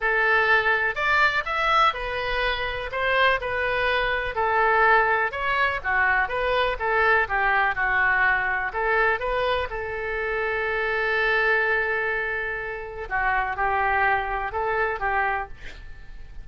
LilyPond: \new Staff \with { instrumentName = "oboe" } { \time 4/4 \tempo 4 = 124 a'2 d''4 e''4 | b'2 c''4 b'4~ | b'4 a'2 cis''4 | fis'4 b'4 a'4 g'4 |
fis'2 a'4 b'4 | a'1~ | a'2. fis'4 | g'2 a'4 g'4 | }